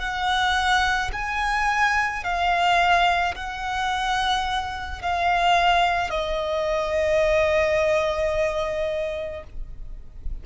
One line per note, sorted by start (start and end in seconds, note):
0.00 1.11 F#5
1.13 2.24 G#5
2.24 3.35 F5
3.35 5.02 F#5
5.02 6.11 F5
6.11 9.44 D#5